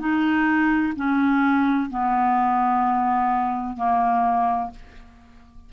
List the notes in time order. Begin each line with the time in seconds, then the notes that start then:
0.00 D#4
0.96 C#4
1.90 B3
3.77 A#3